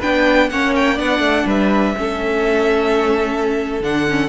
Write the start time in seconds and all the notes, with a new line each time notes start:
0.00 B3 D4 B4 G5
0.50 A#3 C#4 C#5 F#5
0.76 G5
0.95 B3 D4 D5 F#5
1.20 A3
1.46 G3 B4 E5
1.98 A3 C#4 A4
3.81 D3 D4 F#5
4.09 C#4